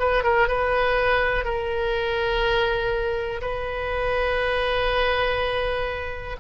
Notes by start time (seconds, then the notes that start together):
0.00 B4
0.24 A#4
0.48 B4
1.45 A#4
3.42 B4